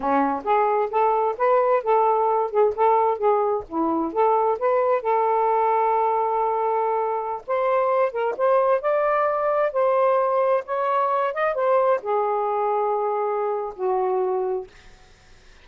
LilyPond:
\new Staff \with { instrumentName = "saxophone" } { \time 4/4 \tempo 4 = 131 cis'4 gis'4 a'4 b'4 | a'4. gis'8 a'4 gis'4 | e'4 a'4 b'4 a'4~ | a'1~ |
a'16 c''4. ais'8 c''4 d''8.~ | d''4~ d''16 c''2 cis''8.~ | cis''8. dis''8 c''4 gis'4.~ gis'16~ | gis'2 fis'2 | }